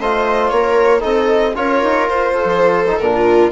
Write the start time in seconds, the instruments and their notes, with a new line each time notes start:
0.00 bassoon A3, trombone F4, viola C5, violin D#5
0.50 bassoon A#3, viola A#4, violin C#5
1.00 bassoon C4, trombone D#4, viola A4, violin D#5
1.55 bassoon C#4, trombone F4, viola A#4, violin C#5
1.83 bassoon D#4
2.09 bassoon F4, violin C5
2.34 viola A4
2.45 bassoon F3
2.88 trombone D#4
2.98 bassoon A#2, trombone D4, violin A#4
3.16 viola F4